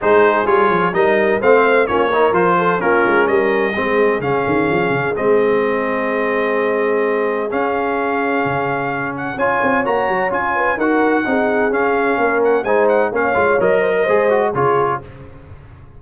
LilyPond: <<
  \new Staff \with { instrumentName = "trumpet" } { \time 4/4 \tempo 4 = 128 c''4 cis''4 dis''4 f''4 | cis''4 c''4 ais'4 dis''4~ | dis''4 f''2 dis''4~ | dis''1 |
f''2.~ f''8 fis''8 | gis''4 ais''4 gis''4 fis''4~ | fis''4 f''4. fis''8 gis''8 fis''8 | f''4 dis''2 cis''4 | }
  \new Staff \with { instrumentName = "horn" } { \time 4/4 gis'2 ais'4 c''4 | f'8 ais'4 a'8 f'4 ais'4 | gis'1~ | gis'1~ |
gis'1 | cis''2~ cis''8 b'8 ais'4 | gis'2 ais'4 c''4 | cis''4. c''16 ais'16 c''4 gis'4 | }
  \new Staff \with { instrumentName = "trombone" } { \time 4/4 dis'4 f'4 dis'4 c'4 | cis'8 dis'8 f'4 cis'2 | c'4 cis'2 c'4~ | c'1 |
cis'1 | f'4 fis'4 f'4 fis'4 | dis'4 cis'2 dis'4 | cis'8 f'8 ais'4 gis'8 fis'8 f'4 | }
  \new Staff \with { instrumentName = "tuba" } { \time 4/4 gis4 g8 f8 g4 a4 | ais4 f4 ais8 gis8 g4 | gis4 cis8 dis8 f8 cis8 gis4~ | gis1 |
cis'2 cis2 | cis'8 c'8 ais8 fis8 cis'4 dis'4 | c'4 cis'4 ais4 gis4 | ais8 gis8 fis4 gis4 cis4 | }
>>